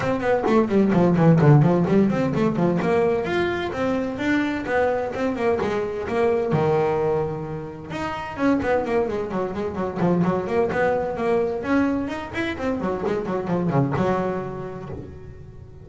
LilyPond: \new Staff \with { instrumentName = "double bass" } { \time 4/4 \tempo 4 = 129 c'8 b8 a8 g8 f8 e8 d8 f8 | g8 c'8 a8 f8 ais4 f'4 | c'4 d'4 b4 c'8 ais8 | gis4 ais4 dis2~ |
dis4 dis'4 cis'8 b8 ais8 gis8 | fis8 gis8 fis8 f8 fis8 ais8 b4 | ais4 cis'4 dis'8 e'8 c'8 fis8 | gis8 fis8 f8 cis8 fis2 | }